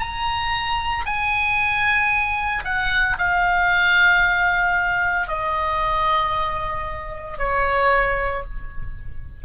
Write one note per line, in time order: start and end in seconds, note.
0.00 1.05 A#5
1.06 2.64 G#5
2.65 3.17 F#5
3.19 5.28 F5
5.28 7.38 D#5
7.38 8.44 C#5